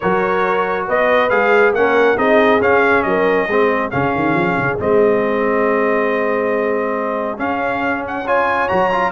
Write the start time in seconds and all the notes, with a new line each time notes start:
0.00 F#3 F#4 A#4 C#5
0.87 B3 B4 D#5
1.29 G#3 G#4 F5
1.73 A#3 C#4 A#4 F#5
2.16 C4 D#4 G#4 D#5
2.61 C#4 F5
3.02 F#3 A#4 D#5
3.47 G#3 C4 G#4
3.90 C#3 C#4 F5
4.15 D#3
4.34 F3
4.57 C#3
4.78 G#3 C4 D#5
7.37 C#4 F5
8.07 F#5
8.25 F4 C#5 G#5
8.68 F#3 F#4 A#5
8.92 F4